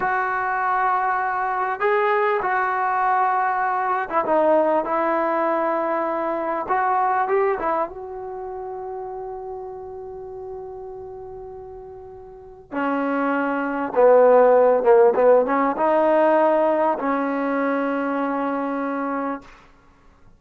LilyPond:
\new Staff \with { instrumentName = "trombone" } { \time 4/4 \tempo 4 = 99 fis'2. gis'4 | fis'2~ fis'8. e'16 dis'4 | e'2. fis'4 | g'8 e'8 fis'2.~ |
fis'1~ | fis'4 cis'2 b4~ | b8 ais8 b8 cis'8 dis'2 | cis'1 | }